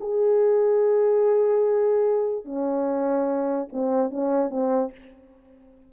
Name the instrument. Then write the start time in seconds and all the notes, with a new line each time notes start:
horn
0.00 G#4
2.44 C#4
3.72 C4
4.10 C#4
4.50 C4